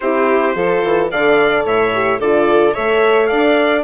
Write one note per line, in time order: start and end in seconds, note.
0.00 0.55 C4
0.00 0.55 E4
0.00 0.55 G4
0.00 1.08 C5
0.55 0.82 F3
0.55 1.10 F4
0.55 1.10 A4
0.83 1.10 E3
1.10 1.64 D3
1.10 1.92 A4
1.10 1.65 D5
1.10 1.66 F5
1.64 2.19 A2
1.64 2.19 C#5
1.64 2.20 E5
1.93 2.20 G4
2.19 2.74 D3
2.19 2.73 F4
2.19 2.73 A4
2.19 2.74 D5
2.73 3.31 A3
2.73 3.83 A4
2.73 3.28 C#5
2.73 3.26 E5
3.26 3.83 D4
3.26 3.83 D5
3.26 3.81 F5